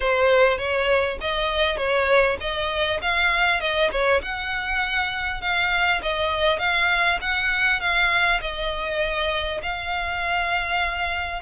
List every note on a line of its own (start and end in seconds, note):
0.00 0.58 C5
0.58 1.18 C#5
1.20 1.77 D#5
1.77 2.37 C#5
2.40 3.00 D#5
3.01 3.60 F5
3.60 3.90 D#5
3.91 4.21 C#5
4.21 5.41 F#5
5.41 6.01 F5
6.02 6.58 D#5
6.58 7.18 F5
7.21 7.80 F#5
7.80 8.40 F5
8.41 9.61 D#5
9.62 11.42 F5